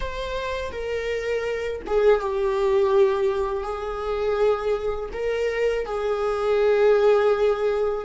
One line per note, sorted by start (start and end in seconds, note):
0.00 0.71 C5
0.72 1.81 A#4
1.86 2.20 G#4
2.20 3.63 G4
3.63 5.09 G#4
5.13 5.85 A#4
5.85 8.05 G#4